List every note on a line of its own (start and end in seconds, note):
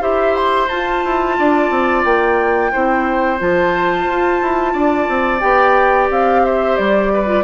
0.00 0.69 E4
0.00 0.67 G4
0.00 1.36 C5
0.00 0.36 E5
0.36 0.68 C6
0.68 1.04 F4
0.68 2.72 F4
0.68 2.03 A5
1.04 1.38 E4
1.38 1.70 D4
1.38 2.72 D5
1.70 2.04 C4
2.04 2.71 A#3
2.04 3.39 G5
2.72 3.40 C4
2.72 3.39 E4
2.72 4.72 C5
3.39 4.06 F3
3.39 5.40 F4
3.39 5.40 A5
4.06 4.40 F4
4.41 4.74 E4
4.72 5.08 D4
4.72 6.41 D5
5.08 5.42 C4
5.40 6.10 B3
5.40 7.25 G4
5.40 6.08 G5
6.10 6.77 C4
6.10 6.45 F5
6.45 7.12 C5
6.45 6.76 E5
6.76 7.44 G3
6.76 7.44 D5
7.13 7.44 B4
7.25 7.42 F4